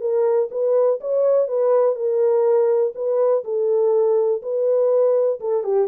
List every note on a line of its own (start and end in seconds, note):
0.00 0.49 A#4
0.51 1.00 B4
1.00 1.48 C#5
1.48 1.96 B4
1.96 2.93 A#4
2.95 3.44 B4
3.44 4.42 A4
4.42 5.40 B4
5.40 5.63 A4
5.63 5.88 G4